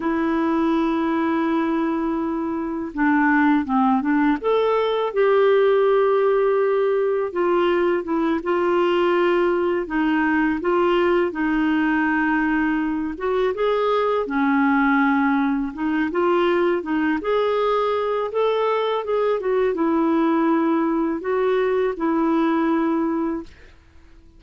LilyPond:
\new Staff \with { instrumentName = "clarinet" } { \time 4/4 \tempo 4 = 82 e'1 | d'4 c'8 d'8 a'4 g'4~ | g'2 f'4 e'8 f'8~ | f'4. dis'4 f'4 dis'8~ |
dis'2 fis'8 gis'4 cis'8~ | cis'4. dis'8 f'4 dis'8 gis'8~ | gis'4 a'4 gis'8 fis'8 e'4~ | e'4 fis'4 e'2 | }